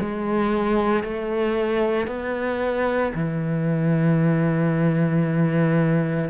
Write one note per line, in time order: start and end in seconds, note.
0.00 1.03 G#3
1.03 2.07 A3
2.07 3.12 B3
3.14 6.30 E3